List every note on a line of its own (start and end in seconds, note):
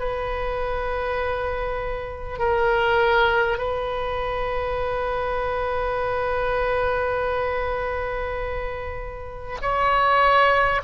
0.00 2.39 B4
2.39 3.58 A#4
3.58 9.58 B4
9.62 10.82 C#5